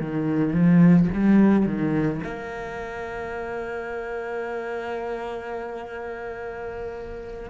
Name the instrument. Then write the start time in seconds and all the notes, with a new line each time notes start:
cello
0.00 D#3
0.53 F3
1.14 G3
1.66 D#3
2.23 A#3